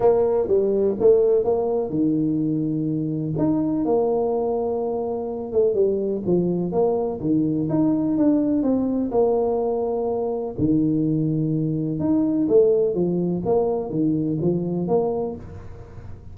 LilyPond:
\new Staff \with { instrumentName = "tuba" } { \time 4/4 \tempo 4 = 125 ais4 g4 a4 ais4 | dis2. dis'4 | ais2.~ ais8 a8 | g4 f4 ais4 dis4 |
dis'4 d'4 c'4 ais4~ | ais2 dis2~ | dis4 dis'4 a4 f4 | ais4 dis4 f4 ais4 | }